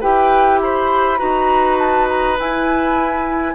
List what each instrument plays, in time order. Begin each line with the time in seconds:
0.00 bassoon E4, clarinet G4, oboe B4, flute G5
0.62 oboe C5, flute B5
1.18 bassoon D#4, clarinet F#4, oboe B4, flute A#5
1.78 flute A5
2.09 flute A#5
2.39 bassoon E4, clarinet E4, flute G#5